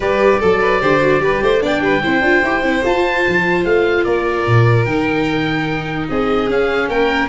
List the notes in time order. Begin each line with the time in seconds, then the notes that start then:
0.00 G3 G4 B4 D5
0.39 F#3 A4
0.61 B4
0.80 D3 G4 C5
1.00 F#4
1.19 G3 G4 B4
1.42 A3 C5
1.60 B3 D4 D5 G5
1.80 G3 B4
2.02 C4 E4 C5
2.21 D4 F4
2.42 E4 G4
2.62 C4 E4
2.84 F4 A5
3.27 F3
3.64 A3 F5
4.04 A#3 A#4 D5
4.46 A#2
4.85 D#3 D#4 G5
6.09 C4 G#4 D#5
6.47 C#4 F5
6.88 A#3 A#4 G5